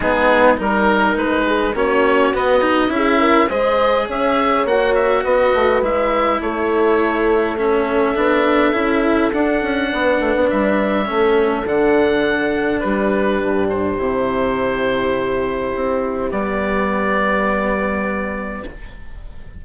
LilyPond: <<
  \new Staff \with { instrumentName = "oboe" } { \time 4/4 \tempo 4 = 103 gis'4 ais'4 b'4 cis''4 | dis''4 e''4 dis''4 e''4 | fis''8 e''8 dis''4 e''4 cis''4~ | cis''4 e''2. |
fis''2 e''2 | fis''2 b'4. c''8~ | c''1 | d''1 | }
  \new Staff \with { instrumentName = "horn" } { \time 4/4 dis'4 ais'4. gis'8 fis'4~ | fis'4 gis'8 ais'8 c''4 cis''4~ | cis''4 b'2 a'4~ | a'1~ |
a'4 b'2 a'4~ | a'2 g'2~ | g'1~ | g'1 | }
  \new Staff \with { instrumentName = "cello" } { \time 4/4 b4 dis'2 cis'4 | b8 dis'8 e'4 gis'2 | fis'2 e'2~ | e'4 cis'4 d'4 e'4 |
d'2. cis'4 | d'1 | e'1 | b1 | }
  \new Staff \with { instrumentName = "bassoon" } { \time 4/4 gis4 g4 gis4 ais4 | b4 cis'4 gis4 cis'4 | ais4 b8 a8 gis4 a4~ | a2 b4 cis'4 |
d'8 cis'8 b8 a16 b16 g4 a4 | d2 g4 g,4 | c2. c'4 | g1 | }
>>